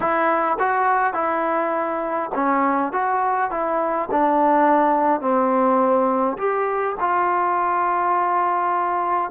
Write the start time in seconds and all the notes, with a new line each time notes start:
0.00 E4
0.59 F#4
1.13 E4
2.34 C#4
2.92 F#4
3.50 E4
4.11 D4
5.20 C4
6.37 G4
7.00 F4